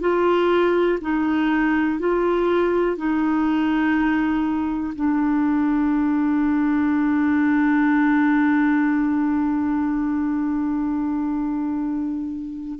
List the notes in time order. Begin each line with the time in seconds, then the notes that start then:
0.00 F4
1.01 D#4
1.99 F4
2.96 D#4
4.95 D4